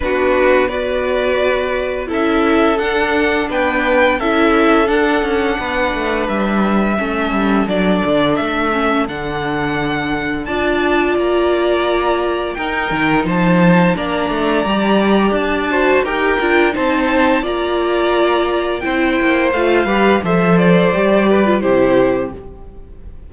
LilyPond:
<<
  \new Staff \with { instrumentName = "violin" } { \time 4/4 \tempo 4 = 86 b'4 d''2 e''4 | fis''4 g''4 e''4 fis''4~ | fis''4 e''2 d''4 | e''4 fis''2 a''4 |
ais''2 g''4 a''4 | ais''2 a''4 g''4 | a''4 ais''2 g''4 | f''4 e''8 d''4. c''4 | }
  \new Staff \with { instrumentName = "violin" } { \time 4/4 fis'4 b'2 a'4~ | a'4 b'4 a'2 | b'2 a'2~ | a'2. d''4~ |
d''2 ais'4 c''4 | d''2~ d''8 c''8 ais'4 | c''4 d''2 c''4~ | c''8 b'8 c''4. b'8 g'4 | }
  \new Staff \with { instrumentName = "viola" } { \time 4/4 d'4 fis'2 e'4 | d'2 e'4 d'4~ | d'2 cis'4 d'4~ | d'8 cis'8 d'2 f'4~ |
f'2 dis'2 | d'4 g'4. fis'8 g'8 f'8 | dis'4 f'2 e'4 | f'8 g'8 a'4 g'8. f'16 e'4 | }
  \new Staff \with { instrumentName = "cello" } { \time 4/4 b2. cis'4 | d'4 b4 cis'4 d'8 cis'8 | b8 a8 g4 a8 g8 fis8 d8 | a4 d2 d'4 |
ais2 dis'8 dis8 f4 | ais8 a8 g4 d'4 dis'8 d'8 | c'4 ais2 c'8 ais8 | a8 g8 f4 g4 c4 | }
>>